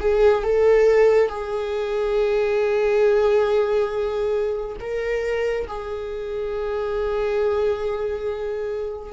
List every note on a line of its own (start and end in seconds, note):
0.00 0.43 G#4
0.43 1.29 A4
1.29 4.77 G#4
4.80 5.67 A#4
5.68 9.13 G#4